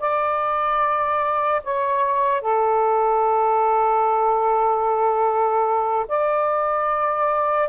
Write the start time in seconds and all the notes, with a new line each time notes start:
0.00 D5
1.64 C#5
2.42 A4
6.09 D5